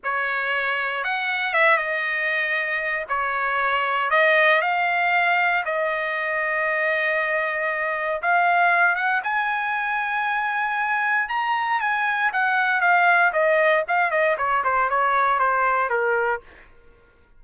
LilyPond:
\new Staff \with { instrumentName = "trumpet" } { \time 4/4 \tempo 4 = 117 cis''2 fis''4 e''8 dis''8~ | dis''2 cis''2 | dis''4 f''2 dis''4~ | dis''1 |
f''4. fis''8 gis''2~ | gis''2 ais''4 gis''4 | fis''4 f''4 dis''4 f''8 dis''8 | cis''8 c''8 cis''4 c''4 ais'4 | }